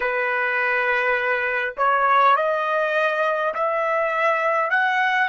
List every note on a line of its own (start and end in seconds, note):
0.00 1.74 B4
1.77 2.36 C#5
2.36 3.53 D#5
3.54 4.70 E5
4.70 5.28 F#5